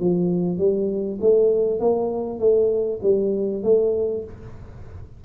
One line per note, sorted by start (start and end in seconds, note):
0.00 0.59 F3
0.59 1.19 G3
1.21 1.80 A3
1.80 2.40 A#3
2.40 3.00 A3
3.03 3.63 G3
3.63 4.24 A3